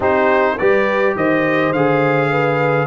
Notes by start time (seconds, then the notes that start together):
0.00 C4 D#4 G4 C5
0.58 G3 G4 B4 D5
1.15 D#3 C5 D#5
1.72 D3 G#4 F5
2.30 B4